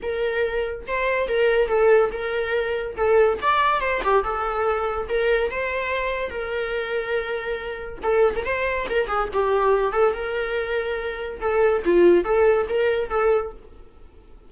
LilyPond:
\new Staff \with { instrumentName = "viola" } { \time 4/4 \tempo 4 = 142 ais'2 c''4 ais'4 | a'4 ais'2 a'4 | d''4 c''8 g'8 a'2 | ais'4 c''2 ais'4~ |
ais'2. a'8. ais'16 | c''4 ais'8 gis'8 g'4. a'8 | ais'2. a'4 | f'4 a'4 ais'4 a'4 | }